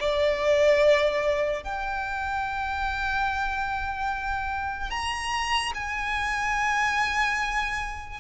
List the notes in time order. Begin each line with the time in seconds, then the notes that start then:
0.00 D5
1.64 G5
4.91 A#5
5.75 G#5